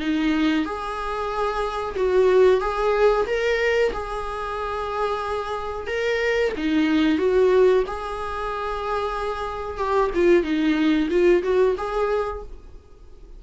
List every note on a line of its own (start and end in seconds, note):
0.00 0.65 D#4
0.65 1.96 G#4
1.96 2.61 F#4
2.61 3.26 G#4
3.27 3.92 A#4
3.93 5.87 G#4
5.87 6.52 A#4
6.57 7.19 D#4
7.19 7.84 F#4
7.87 9.78 G#4
9.78 10.11 G4
10.15 10.43 F4
10.43 11.09 D#4
11.10 11.43 F4
11.43 11.76 F#4
11.78 12.43 G#4